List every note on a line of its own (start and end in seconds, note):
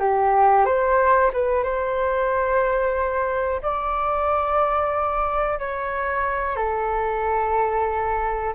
0.00 0.65 G4
0.65 1.31 C5
1.33 1.64 B4
1.64 3.61 C5
3.62 5.59 D5
5.59 6.56 C#5
6.56 8.54 A4